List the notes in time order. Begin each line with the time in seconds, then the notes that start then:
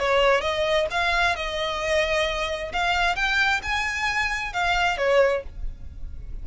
0.00 C#5
0.42 D#5
0.91 F5
1.37 D#5
2.73 F5
3.16 G5
3.63 G#5
4.54 F5
4.98 C#5